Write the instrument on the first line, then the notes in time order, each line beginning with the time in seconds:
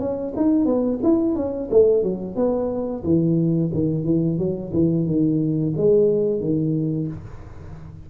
tuba
0.00 C#4
0.37 D#4
0.66 B3
1.03 E4
1.36 C#4
1.72 A3
2.03 F#3
2.36 B3
3.04 E3
3.74 D#3
4.05 E3
4.39 F#3
4.73 E3
5.07 D#3
5.77 G#3
6.40 D#3